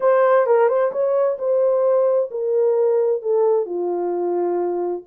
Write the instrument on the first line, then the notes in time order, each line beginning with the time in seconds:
horn
0.00 C5
0.46 A#4
0.68 C5
0.91 C#5
1.38 C5
2.30 A#4
3.21 A4
3.65 F4